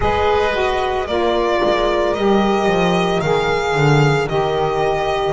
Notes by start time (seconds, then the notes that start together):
0.00 G#3 G#4 B4 D#5
0.52 F#4
1.07 A#3 F4 A#4 D5
1.64 G#3
2.14 G3 G4 D#5
2.66 F3
3.20 D#3 G#4 F5
3.75 D3
4.28 D#3 G4 D#5